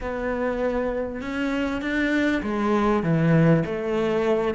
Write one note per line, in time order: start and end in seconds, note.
0.01 1.21 B3
1.21 1.81 C#4
1.81 2.42 D4
2.42 3.03 G#3
3.03 3.63 E3
3.65 4.54 A3